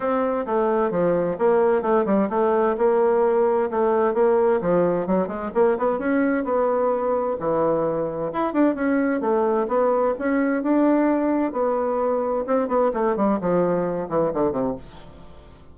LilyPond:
\new Staff \with { instrumentName = "bassoon" } { \time 4/4 \tempo 4 = 130 c'4 a4 f4 ais4 | a8 g8 a4 ais2 | a4 ais4 f4 fis8 gis8 | ais8 b8 cis'4 b2 |
e2 e'8 d'8 cis'4 | a4 b4 cis'4 d'4~ | d'4 b2 c'8 b8 | a8 g8 f4. e8 d8 c8 | }